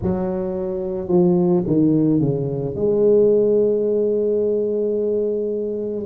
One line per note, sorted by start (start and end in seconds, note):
0.02 1.08 F#3
1.08 1.63 F3
1.66 2.20 D#3
2.20 2.75 C#3
2.75 6.05 G#3